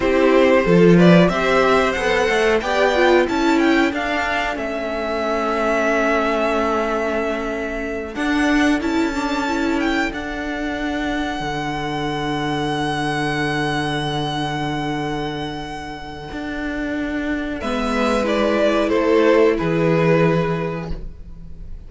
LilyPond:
<<
  \new Staff \with { instrumentName = "violin" } { \time 4/4 \tempo 4 = 92 c''4. d''8 e''4 fis''4 | g''4 a''8 g''8 f''4 e''4~ | e''1~ | e''8 fis''4 a''4. g''8 fis''8~ |
fis''1~ | fis''1~ | fis''2. e''4 | d''4 c''4 b'2 | }
  \new Staff \with { instrumentName = "violin" } { \time 4/4 g'4 a'8 b'8 c''2 | d''4 a'2.~ | a'1~ | a'1~ |
a'1~ | a'1~ | a'2. b'4~ | b'4 a'4 gis'2 | }
  \new Staff \with { instrumentName = "viola" } { \time 4/4 e'4 f'4 g'4 a'4 | g'8 f'8 e'4 d'4 cis'4~ | cis'1~ | cis'8 d'4 e'8 d'8 e'4 d'8~ |
d'1~ | d'1~ | d'2. b4 | e'1 | }
  \new Staff \with { instrumentName = "cello" } { \time 4/4 c'4 f4 c'4 b8 a8 | b4 cis'4 d'4 a4~ | a1~ | a8 d'4 cis'2 d'8~ |
d'4. d2~ d8~ | d1~ | d4 d'2 gis4~ | gis4 a4 e2 | }
>>